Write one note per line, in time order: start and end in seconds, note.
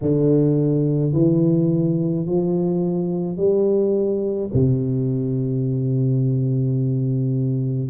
0.01 1.12 D3
1.12 2.25 E3
2.26 3.37 F3
3.37 4.50 G3
4.53 7.90 C3